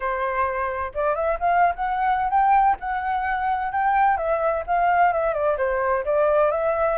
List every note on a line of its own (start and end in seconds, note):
0.00 0.92 C5
0.94 1.15 D5
1.15 1.38 E5
1.39 1.74 F5
1.75 2.30 F#5
2.30 2.76 G5
2.79 3.71 F#5
3.71 4.17 G5
4.17 4.63 E5
4.66 5.12 F5
5.12 5.33 E5
5.33 5.56 D5
5.57 6.04 C5
6.04 6.51 D5
6.51 6.97 E5